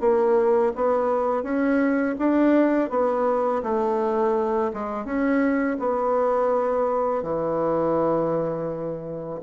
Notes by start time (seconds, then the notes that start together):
0.00 A#3
0.75 B3
1.43 C#4
2.19 D4
2.90 B3
3.63 A3
4.73 G#3
5.05 C#4
5.79 B3
7.22 E3